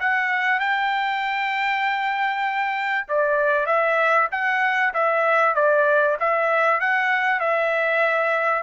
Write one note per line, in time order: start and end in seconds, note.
0.00 0.60 F#5
0.60 3.08 G5
3.09 3.67 D5
3.67 4.28 E5
4.32 4.94 F#5
4.94 5.56 E5
5.56 6.17 D5
6.20 6.80 E5
6.80 7.40 F#5
7.40 8.63 E5